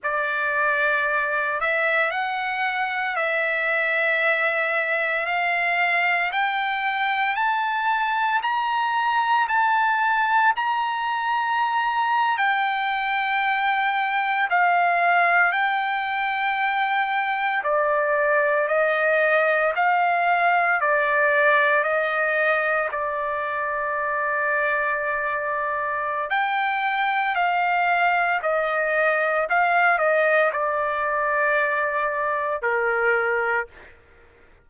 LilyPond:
\new Staff \with { instrumentName = "trumpet" } { \time 4/4 \tempo 4 = 57 d''4. e''8 fis''4 e''4~ | e''4 f''4 g''4 a''4 | ais''4 a''4 ais''4.~ ais''16 g''16~ | g''4.~ g''16 f''4 g''4~ g''16~ |
g''8. d''4 dis''4 f''4 d''16~ | d''8. dis''4 d''2~ d''16~ | d''4 g''4 f''4 dis''4 | f''8 dis''8 d''2 ais'4 | }